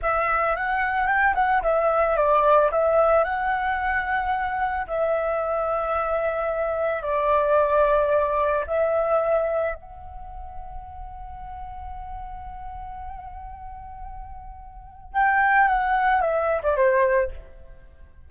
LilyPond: \new Staff \with { instrumentName = "flute" } { \time 4/4 \tempo 4 = 111 e''4 fis''4 g''8 fis''8 e''4 | d''4 e''4 fis''2~ | fis''4 e''2.~ | e''4 d''2. |
e''2 fis''2~ | fis''1~ | fis''1 | g''4 fis''4 e''8. d''16 c''4 | }